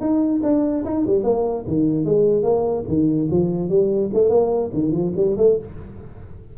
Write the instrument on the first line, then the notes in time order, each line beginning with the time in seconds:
tuba
0.00 D#4
0.43 D4
0.84 D#4
1.06 G3
1.23 A#3
1.67 D#3
2.05 G#3
2.42 A#3
2.87 D#3
3.30 F3
3.69 G3
4.13 A3
4.29 A#3
4.73 D#3
4.91 F3
5.16 G3
5.37 A3